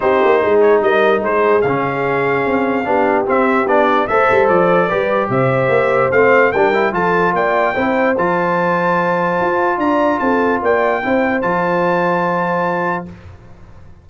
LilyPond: <<
  \new Staff \with { instrumentName = "trumpet" } { \time 4/4 \tempo 4 = 147 c''4. cis''8 dis''4 c''4 | f''1 | e''4 d''4 e''4 d''4~ | d''4 e''2 f''4 |
g''4 a''4 g''2 | a''1 | ais''4 a''4 g''2 | a''1 | }
  \new Staff \with { instrumentName = "horn" } { \time 4/4 g'4 gis'4 ais'4 gis'4~ | gis'2. g'4~ | g'2 c''2 | b'4 c''2. |
ais'4 a'4 d''4 c''4~ | c''1 | d''4 a'4 d''4 c''4~ | c''1 | }
  \new Staff \with { instrumentName = "trombone" } { \time 4/4 dis'1 | cis'2. d'4 | c'4 d'4 a'2 | g'2. c'4 |
d'8 e'8 f'2 e'4 | f'1~ | f'2. e'4 | f'1 | }
  \new Staff \with { instrumentName = "tuba" } { \time 4/4 c'8 ais8 gis4 g4 gis4 | cis2 c'4 b4 | c'4 b4 a8 g8 f4 | g4 c4 ais4 a4 |
g4 f4 ais4 c'4 | f2. f'4 | d'4 c'4 ais4 c'4 | f1 | }
>>